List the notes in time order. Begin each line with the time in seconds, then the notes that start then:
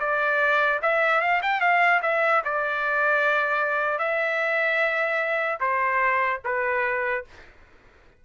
0.00 D5
0.83 E5
1.21 F5
1.43 G5
1.61 F5
2.03 E5
2.45 D5
3.99 E5
5.61 C5
6.45 B4